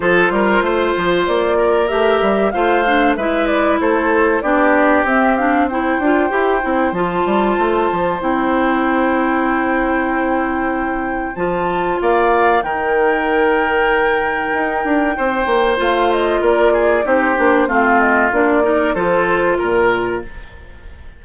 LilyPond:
<<
  \new Staff \with { instrumentName = "flute" } { \time 4/4 \tempo 4 = 95 c''2 d''4 e''4 | f''4 e''8 d''8 c''4 d''4 | e''8 f''8 g''2 a''4~ | a''4 g''2.~ |
g''2 a''4 f''4 | g''1~ | g''4 f''8 dis''8 d''4 c''4 | f''8 dis''8 d''4 c''4 ais'4 | }
  \new Staff \with { instrumentName = "oboe" } { \time 4/4 a'8 ais'8 c''4. ais'4. | c''4 b'4 a'4 g'4~ | g'4 c''2.~ | c''1~ |
c''2. d''4 | ais'1 | c''2 ais'8 gis'8 g'4 | f'4. ais'8 a'4 ais'4 | }
  \new Staff \with { instrumentName = "clarinet" } { \time 4/4 f'2. g'4 | f'8 d'8 e'2 d'4 | c'8 d'8 e'8 f'8 g'8 e'8 f'4~ | f'4 e'2.~ |
e'2 f'2 | dis'1~ | dis'4 f'2 dis'8 d'8 | c'4 d'8 dis'8 f'2 | }
  \new Staff \with { instrumentName = "bassoon" } { \time 4/4 f8 g8 a8 f8 ais4 a8 g8 | a4 gis4 a4 b4 | c'4. d'8 e'8 c'8 f8 g8 | a8 f8 c'2.~ |
c'2 f4 ais4 | dis2. dis'8 d'8 | c'8 ais8 a4 ais4 c'8 ais8 | a4 ais4 f4 ais,4 | }
>>